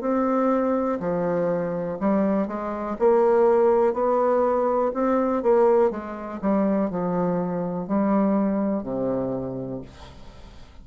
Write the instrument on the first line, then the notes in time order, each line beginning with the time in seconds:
bassoon
0.00 C4
0.99 F3
1.99 G3
2.47 G#3
2.99 A#3
3.93 B3
4.93 C4
5.42 A#3
5.90 G#3
6.41 G3
6.89 F3
7.87 G3
8.83 C3